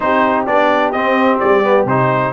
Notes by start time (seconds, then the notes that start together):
0.00 C4 D#4 G4 C5
0.46 B3 D4 D5
0.91 C4 D#5
1.39 G3 D5
1.63 B3
1.85 C3 D#4 C5